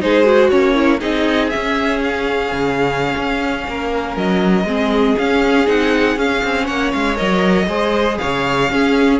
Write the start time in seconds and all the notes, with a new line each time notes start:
0.00 G#3 D#4 G#4 C5
0.23 F#4
0.49 A#3 C#4 C#5
0.74 E4
1.00 C4 D#4 G#4 D#5
1.49 C#4 E5
1.55 C#4
2.03 F5
2.52 C#3
3.16 C#4
3.68 A#3 A#4
4.16 F#3 D#5
4.64 G#3 C4 G#4
5.17 C#4 F5
5.66 C4 D#4 F#5
6.17 C#4 F5
6.44 C4
6.65 A#3 C#5 F#5
6.92 G#3 F5
7.15 F#3 A#4 D#5
7.68 G#3 G#4 C5
8.18 C#3 C#5 F5
8.70 C#4 G#4